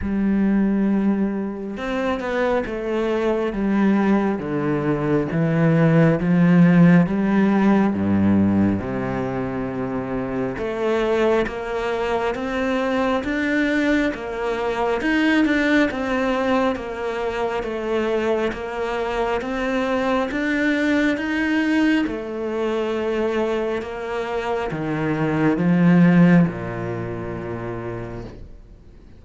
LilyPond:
\new Staff \with { instrumentName = "cello" } { \time 4/4 \tempo 4 = 68 g2 c'8 b8 a4 | g4 d4 e4 f4 | g4 g,4 c2 | a4 ais4 c'4 d'4 |
ais4 dis'8 d'8 c'4 ais4 | a4 ais4 c'4 d'4 | dis'4 a2 ais4 | dis4 f4 ais,2 | }